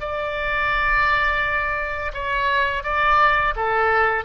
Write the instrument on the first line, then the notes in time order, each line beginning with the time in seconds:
oboe
0.00 D5
2.14 C#5
2.83 D5
3.56 A4